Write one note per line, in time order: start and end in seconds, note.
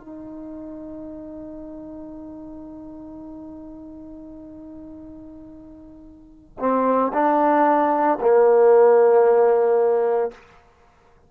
0.00 6.58 D#4
6.60 7.12 C4
7.13 8.19 D4
8.21 10.32 A#3